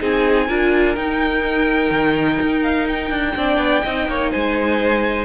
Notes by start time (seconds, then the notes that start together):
0.00 C4 D#4 G#4 G#5
0.47 D4 F4 A#4
0.96 D#4 G5
1.91 D#3
2.41 D#4
2.64 F5
2.88 G5
3.11 D4
3.36 C4 D4 D5
3.58 B3
3.84 C4 D#4 D#5
4.07 A#3 C#5
4.31 G#3 C5 G#5